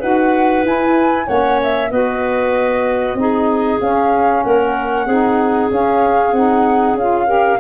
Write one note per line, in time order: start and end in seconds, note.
0.00 0.64 D#4
0.00 0.64 F#4
0.00 1.26 B4
0.00 0.65 F#5
0.64 1.27 E4
0.64 1.28 E4
0.64 1.28 G#5
1.26 1.91 A#3
1.26 1.90 C#4
1.26 1.90 C#5
1.26 1.60 F#5
1.63 1.91 E5
1.91 3.15 B3
1.91 3.17 F#4
1.91 3.17 B4
1.91 3.80 D#5
3.15 3.78 C4
3.15 3.80 D#4
3.15 4.44 G#4
3.81 4.44 C#4
3.81 5.08 C#4
3.81 4.43 F5
4.43 5.07 A#3
4.43 5.06 A#4
4.43 5.70 F#5
5.06 5.70 C4
5.06 5.70 D#4
5.06 7.27 G#4
5.70 6.33 C#4
5.70 6.34 F5
6.33 6.94 C4
6.33 6.97 D#4
6.33 6.97 F#5
6.94 7.57 C#4
6.94 7.27 F4
6.94 7.60 F5
7.27 7.58 G4
7.27 7.58 A#4